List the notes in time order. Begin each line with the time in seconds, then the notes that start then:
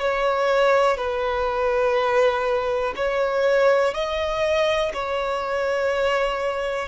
0.00 C#5
0.97 B4
2.96 C#5
3.94 D#5
4.94 C#5